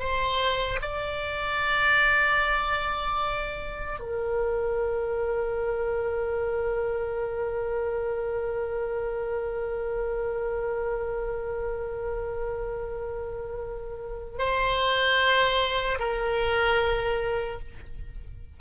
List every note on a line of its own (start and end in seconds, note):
0.00 0.80 C5
0.82 4.00 D5
4.00 14.39 A#4
14.39 15.99 C5
15.99 17.59 A#4